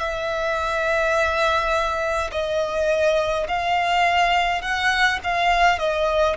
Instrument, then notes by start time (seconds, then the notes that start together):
violin
0.00 E5
2.32 D#5
3.48 F5
4.62 F#5
5.23 F5
5.79 D#5